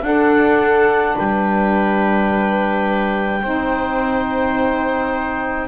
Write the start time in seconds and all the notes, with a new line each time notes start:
0.00 D4 A4 F#5
1.15 G3 B4 G5
3.42 C4 D#4 C5